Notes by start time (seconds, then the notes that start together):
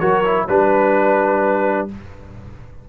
0.00 F#3 F#4 A#4 C#5
0.25 E4
0.49 G3 D4 B4